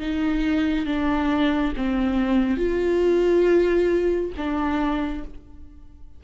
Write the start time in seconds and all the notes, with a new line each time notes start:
0.00 D#4
0.86 D4
1.76 C4
2.57 F4
4.37 D4